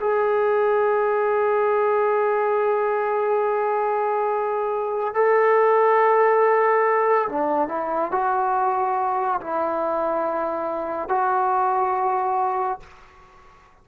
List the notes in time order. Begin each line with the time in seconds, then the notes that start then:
0.00 G#4
5.14 A4
7.29 D4
7.68 E4
8.12 F#4
9.41 E4
11.08 F#4